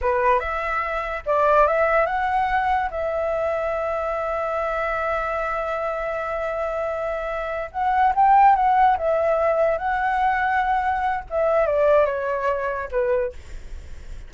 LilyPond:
\new Staff \with { instrumentName = "flute" } { \time 4/4 \tempo 4 = 144 b'4 e''2 d''4 | e''4 fis''2 e''4~ | e''1~ | e''1~ |
e''2~ e''8 fis''4 g''8~ | g''8 fis''4 e''2 fis''8~ | fis''2. e''4 | d''4 cis''2 b'4 | }